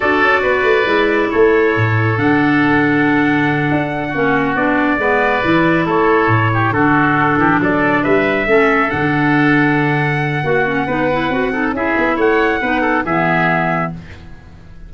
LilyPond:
<<
  \new Staff \with { instrumentName = "trumpet" } { \time 4/4 \tempo 4 = 138 d''2. cis''4~ | cis''4 fis''2.~ | fis''2~ fis''8 d''4.~ | d''4. cis''2 a'8~ |
a'4. d''4 e''4.~ | e''8 fis''2.~ fis''8~ | fis''2. e''4 | fis''2 e''2 | }
  \new Staff \with { instrumentName = "oboe" } { \time 4/4 a'4 b'2 a'4~ | a'1~ | a'4. fis'2 b'8~ | b'4. a'4. g'8 fis'8~ |
fis'4 g'8 a'4 b'4 a'8~ | a'1 | fis'4 b'4. a'8 gis'4 | cis''4 b'8 a'8 gis'2 | }
  \new Staff \with { instrumentName = "clarinet" } { \time 4/4 fis'2 e'2~ | e'4 d'2.~ | d'4. cis'4 d'4 b8~ | b8 e'2. d'8~ |
d'2.~ d'8 cis'8~ | cis'8 d'2.~ d'8 | fis'8 cis'8 dis'8 e'8 fis'8 dis'8 e'4~ | e'4 dis'4 b2 | }
  \new Staff \with { instrumentName = "tuba" } { \time 4/4 d'8 cis'8 b8 a8 gis4 a4 | a,4 d2.~ | d8 d'4 ais4 b4 gis8~ | gis8 e4 a4 a,4 d8~ |
d4 e8 fis4 g4 a8~ | a8 d2.~ d8 | ais4 b4 c'4 cis'8 b8 | a4 b4 e2 | }
>>